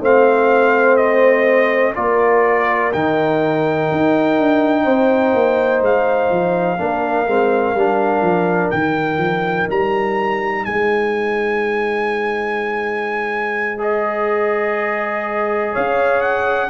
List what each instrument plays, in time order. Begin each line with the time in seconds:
0.00 tuba A3, trombone C4, horn C5, trumpet F5
0.96 trumpet D#5
1.95 tuba A#3, trombone F4, horn A#4, trumpet D5
2.93 tuba D#3, trombone D#4, trumpet G5
3.91 tuba D#4
4.38 tuba D4
4.83 tuba C4, horn C5
5.33 tuba A#3
5.81 tuba G#3, trumpet F5
6.30 tuba F3
6.78 tuba A#3, trombone D4, horn A#4
7.26 tuba G#3, trombone C4
7.74 tuba G3, trombone D4
8.21 tuba F3
8.71 tuba D#3, trombone D#4, trumpet G5
9.18 tuba F3
9.69 tuba G3, trumpet A#5
10.64 tuba G#3, horn C5, trumpet G#5
13.78 trombone G#4, trumpet D#5
15.72 tuba C#4, horn C#5, trumpet F5
16.21 trumpet F#5